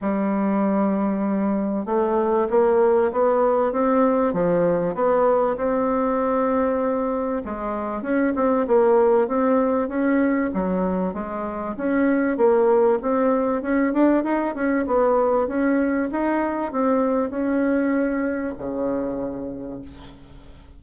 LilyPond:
\new Staff \with { instrumentName = "bassoon" } { \time 4/4 \tempo 4 = 97 g2. a4 | ais4 b4 c'4 f4 | b4 c'2. | gis4 cis'8 c'8 ais4 c'4 |
cis'4 fis4 gis4 cis'4 | ais4 c'4 cis'8 d'8 dis'8 cis'8 | b4 cis'4 dis'4 c'4 | cis'2 cis2 | }